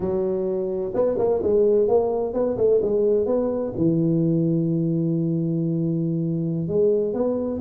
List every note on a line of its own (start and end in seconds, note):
0.00 0.93 F#3
0.94 1.17 B3
1.18 1.42 A#3
1.42 1.87 G#3
1.87 2.33 A#3
2.33 2.57 B3
2.57 2.80 A3
2.82 3.26 G#3
3.26 3.73 B3
3.76 6.68 E3
6.68 7.13 G#3
7.13 7.60 B3